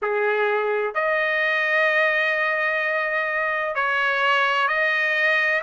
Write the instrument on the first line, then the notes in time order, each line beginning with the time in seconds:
trumpet
0.02 G#4
0.94 D#5
3.75 C#5
4.67 D#5